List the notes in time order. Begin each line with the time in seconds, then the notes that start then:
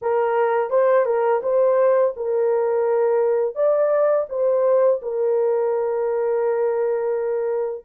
0.01 A#4
0.70 C5
1.05 A#4
1.43 C5
2.16 A#4
3.55 D5
4.29 C5
5.02 A#4